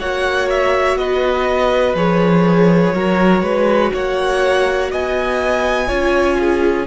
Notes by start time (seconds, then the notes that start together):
0.00 A#3 F#4 C#5 F#5
0.50 E5
0.96 B3 B4 D#5
1.95 F3 G#4 C#5
2.95 F#3 F#4 A#4
3.42 G#3 B4
3.93 A#3 C#5 F#5
4.92 B3 D#5 G#5
5.88 C#4 F4 C#5
6.40 G#4